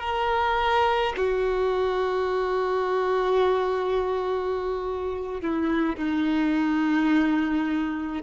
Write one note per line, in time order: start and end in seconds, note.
0.00 1.13 A#4
1.17 5.41 F#4
5.41 5.96 E4
5.96 8.23 D#4